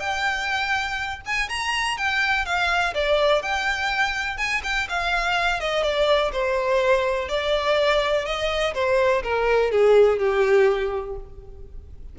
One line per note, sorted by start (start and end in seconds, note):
0.00 1.21 G5
1.26 1.49 G#5
1.49 1.97 A#5
1.98 2.45 G5
2.45 2.94 F5
2.94 3.42 D5
3.42 4.37 G5
4.37 4.61 G#5
4.63 4.88 G5
4.89 5.60 F5
5.60 5.83 D#5
5.83 6.31 D5
6.32 7.29 C5
7.29 8.25 D5
8.25 8.74 D#5
8.74 9.23 C5
9.23 9.71 A#4
9.71 10.19 G#4
10.19 11.16 G4